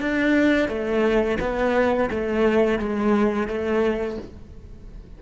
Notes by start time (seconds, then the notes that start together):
0.00 D4
0.68 A3
1.40 B3
2.10 A3
2.78 G#3
3.47 A3